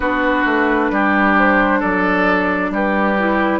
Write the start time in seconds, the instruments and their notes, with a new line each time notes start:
0.00 bassoon B3, clarinet D4, oboe F#4, flute B4
0.45 bassoon A3
0.90 bassoon G3, oboe G4
1.38 flute C5
1.79 bassoon F#3, oboe A4, flute D5
2.70 bassoon G3, oboe G4, flute B4
3.18 clarinet E4